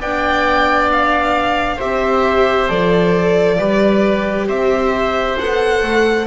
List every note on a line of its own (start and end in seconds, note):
0.00 1.79 B3
0.00 1.80 D4
0.00 1.77 D5
0.00 0.91 G5
0.92 1.80 F5
1.77 2.70 C4
1.77 2.69 G4
1.77 3.56 C5
1.77 2.69 E5
2.69 3.58 F3
2.69 3.59 A4
2.69 4.48 D5
3.58 4.47 G3
3.58 5.38 G4
3.58 4.47 B4
4.47 5.37 C4
4.47 6.26 C5
4.47 5.39 E5
5.39 5.83 B3
5.39 6.27 A4
5.39 6.27 F#5
5.83 6.27 A3